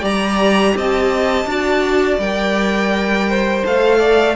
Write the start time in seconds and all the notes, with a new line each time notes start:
0.00 G3 G4 D5 A#5
0.76 C4 D#5 A5
1.45 D4 F#4 D5
2.18 G3 A#4 G5
3.29 C5
3.65 A3 A4 F5
3.98 D5